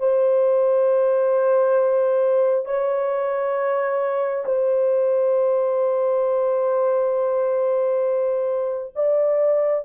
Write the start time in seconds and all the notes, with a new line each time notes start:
0.00 C5
2.66 C#5
4.46 C5
8.96 D5